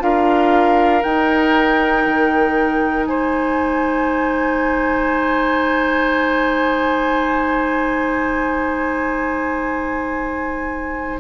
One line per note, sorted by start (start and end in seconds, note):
0.00 1.04 D4
0.00 1.02 F4
0.00 3.09 A#4
0.00 1.03 F5
1.03 11.21 D#4
1.03 2.07 D#4
1.03 3.06 G5
2.07 3.08 D#3
3.07 11.21 G#3
3.07 11.21 C5
3.07 11.20 G#5